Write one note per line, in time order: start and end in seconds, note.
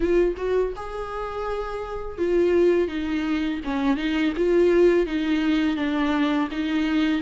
0.00 0.35 F4
0.36 0.73 F#4
0.76 2.18 G#4
2.18 2.88 F4
2.88 3.60 D#4
3.64 3.97 C#4
3.97 4.33 D#4
4.37 5.06 F4
5.06 5.76 D#4
5.76 6.48 D4
6.51 7.21 D#4